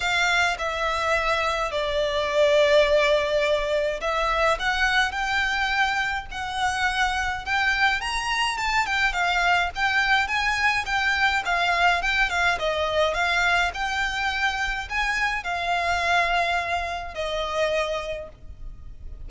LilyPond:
\new Staff \with { instrumentName = "violin" } { \time 4/4 \tempo 4 = 105 f''4 e''2 d''4~ | d''2. e''4 | fis''4 g''2 fis''4~ | fis''4 g''4 ais''4 a''8 g''8 |
f''4 g''4 gis''4 g''4 | f''4 g''8 f''8 dis''4 f''4 | g''2 gis''4 f''4~ | f''2 dis''2 | }